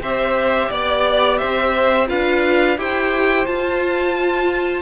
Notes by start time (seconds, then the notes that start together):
0.00 C4 G4 C5 E5
0.69 B3 D5
1.38 C4 C5 E5
2.07 D4 F4 B4 F5
2.77 E4 G4 C5 G5
3.46 F4 A5